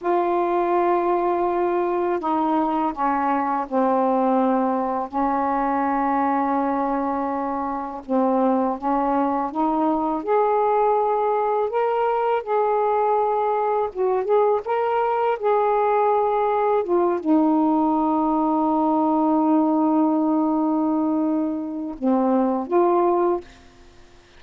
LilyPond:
\new Staff \with { instrumentName = "saxophone" } { \time 4/4 \tempo 4 = 82 f'2. dis'4 | cis'4 c'2 cis'4~ | cis'2. c'4 | cis'4 dis'4 gis'2 |
ais'4 gis'2 fis'8 gis'8 | ais'4 gis'2 f'8 dis'8~ | dis'1~ | dis'2 c'4 f'4 | }